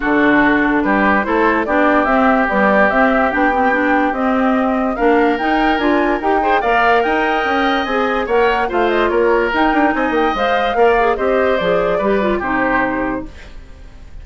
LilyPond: <<
  \new Staff \with { instrumentName = "flute" } { \time 4/4 \tempo 4 = 145 a'2 b'4 c''4 | d''4 e''4 d''4 e''4 | g''2 dis''2 | f''4 g''4 gis''4 g''4 |
f''4 g''2 gis''4 | fis''4 f''8 dis''8 cis''4 g''4 | gis''8 g''8 f''2 dis''4 | d''2 c''2 | }
  \new Staff \with { instrumentName = "oboe" } { \time 4/4 fis'2 g'4 a'4 | g'1~ | g'1 | ais'2.~ ais'8 c''8 |
d''4 dis''2. | cis''4 c''4 ais'2 | dis''2 d''4 c''4~ | c''4 b'4 g'2 | }
  \new Staff \with { instrumentName = "clarinet" } { \time 4/4 d'2. e'4 | d'4 c'4 g4 c'4 | d'8 c'8 d'4 c'2 | d'4 dis'4 f'4 g'8 gis'8 |
ais'2. gis'4 | ais'4 f'2 dis'4~ | dis'4 c''4 ais'8 gis'8 g'4 | gis'4 g'8 f'8 dis'2 | }
  \new Staff \with { instrumentName = "bassoon" } { \time 4/4 d2 g4 a4 | b4 c'4 b4 c'4 | b2 c'2 | ais4 dis'4 d'4 dis'4 |
ais4 dis'4 cis'4 c'4 | ais4 a4 ais4 dis'8 d'8 | c'8 ais8 gis4 ais4 c'4 | f4 g4 c2 | }
>>